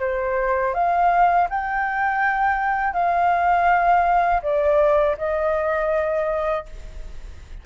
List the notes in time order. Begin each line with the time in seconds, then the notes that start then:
0.00 C5
0.74 F5
1.50 G5
2.93 F5
4.43 D5
5.18 D#5